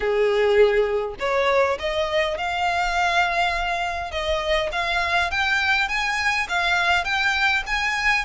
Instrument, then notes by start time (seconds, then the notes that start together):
violin
0.00 G#4
1.19 C#5
1.79 D#5
2.37 F5
4.11 D#5
4.71 F5
5.30 G5
5.88 G#5
6.48 F5
7.04 G5
7.66 G#5